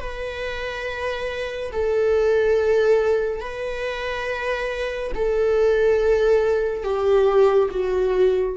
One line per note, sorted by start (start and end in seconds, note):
0.00 1.71 B4
1.72 3.40 A4
3.40 5.12 B4
5.15 6.83 A4
6.83 7.69 G4
7.71 8.56 F#4